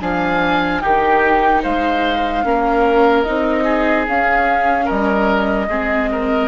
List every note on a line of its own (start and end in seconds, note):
0.00 0.82 F3
0.00 0.81 D4
0.00 0.82 F5
0.00 0.81 G#5
0.81 1.64 D#3
0.81 2.43 D#4
0.81 1.62 G4
0.81 1.62 G5
1.62 2.44 G#3
1.62 2.43 C5
1.62 3.23 F5
2.43 3.25 A#3
2.43 3.24 C#4
2.43 3.64 A#4
3.23 4.07 C4
3.23 4.06 D#4
3.23 4.04 D#5
3.64 4.85 G#4
4.06 5.68 C#4
4.06 4.88 C#4
4.06 4.88 F5
4.85 5.67 G3
4.85 5.66 A#4
4.85 6.47 D#5
5.67 6.47 G#3
5.67 6.47 C4
5.67 6.10 G#4
6.11 6.47 A#4